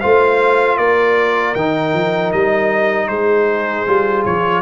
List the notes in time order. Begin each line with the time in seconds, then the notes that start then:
0.00 A3 F4 C5 F5
0.77 A#3 A#4 D5
1.54 D#3 D#4 G5
1.94 F3
2.32 G3 D#5
3.08 G#3 G#4 C5
3.87 G3 F4
4.25 F3 C#5